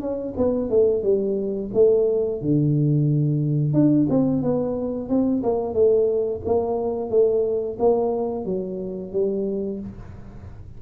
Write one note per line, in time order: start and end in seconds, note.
0.00 0.34 C#4
0.37 0.70 B3
0.70 1.03 A3
1.03 1.70 G3
1.74 2.41 A3
2.41 3.73 D3
3.73 4.07 D4
4.09 4.42 C4
4.42 5.09 B3
5.09 5.42 C4
5.43 5.74 A#3
5.74 6.41 A3
6.45 7.10 A#3
7.10 7.77 A3
7.79 8.45 A#3
8.45 9.12 F#3
9.12 9.80 G3